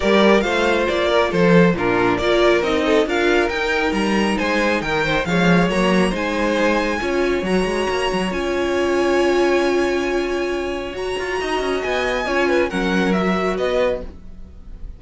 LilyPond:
<<
  \new Staff \with { instrumentName = "violin" } { \time 4/4 \tempo 4 = 137 d''4 f''4 d''4 c''4 | ais'4 d''4 dis''4 f''4 | g''4 ais''4 gis''4 g''4 | f''4 ais''4 gis''2~ |
gis''4 ais''2 gis''4~ | gis''1~ | gis''4 ais''2 gis''4~ | gis''4 fis''4 e''4 dis''4 | }
  \new Staff \with { instrumentName = "violin" } { \time 4/4 ais'4 c''4. ais'8 a'4 | f'4 ais'4. a'8 ais'4~ | ais'2 c''4 ais'8 c''8 | cis''2 c''2 |
cis''1~ | cis''1~ | cis''2 dis''2 | cis''8 b'8 ais'2 b'4 | }
  \new Staff \with { instrumentName = "viola" } { \time 4/4 g'4 f'2. | d'4 f'4 dis'4 f'4 | dis'1 | gis4 ais4 dis'2 |
f'4 fis'2 f'4~ | f'1~ | f'4 fis'2. | f'4 cis'4 fis'2 | }
  \new Staff \with { instrumentName = "cello" } { \time 4/4 g4 a4 ais4 f4 | ais,4 ais4 c'4 d'4 | dis'4 g4 gis4 dis4 | f4 fis4 gis2 |
cis'4 fis8 gis8 ais8 fis8 cis'4~ | cis'1~ | cis'4 fis'8 f'8 dis'8 cis'8 b4 | cis'4 fis2 b4 | }
>>